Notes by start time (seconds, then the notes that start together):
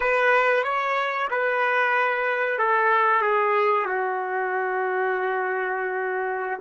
0.00 B4
0.63 C#5
1.30 B4
2.58 A4
3.21 G#4
3.85 F#4